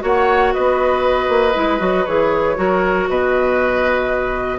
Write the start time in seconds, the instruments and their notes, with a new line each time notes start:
0.00 bassoon A#3, clarinet F#4, oboe C#5
0.06 flute F#5
0.54 bassoon B3, oboe B4, flute D#5
1.29 bassoon A#3
1.55 bassoon G#3, clarinet E4
1.79 bassoon F#3, clarinet F#4
2.06 bassoon E3, clarinet G#4, flute C#5
2.56 bassoon F#3, clarinet F#4, oboe A#4
3.09 bassoon B2, oboe B4, flute D#5